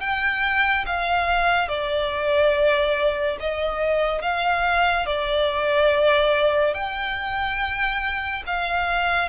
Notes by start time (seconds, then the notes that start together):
0.00 G5
0.86 F5
1.68 D5
3.40 D#5
4.21 F5
5.06 D5
6.74 G5
8.46 F5